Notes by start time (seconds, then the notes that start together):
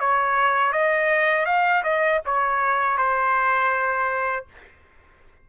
0.00 C#5
0.72 D#5
1.45 F5
1.83 D#5
2.25 C#5
2.97 C5